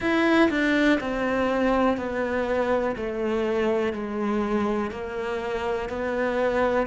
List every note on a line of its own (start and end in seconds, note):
0.00 0.49 E4
0.50 0.99 D4
1.00 1.97 C4
1.97 2.95 B3
2.96 3.92 A3
3.92 4.90 G#3
4.90 5.89 A#3
5.89 6.86 B3